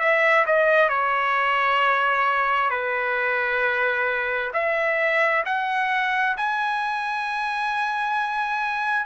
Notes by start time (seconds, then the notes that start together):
0.00 E5
0.47 D#5
0.90 C#5
2.70 B4
4.54 E5
5.45 F#5
6.38 G#5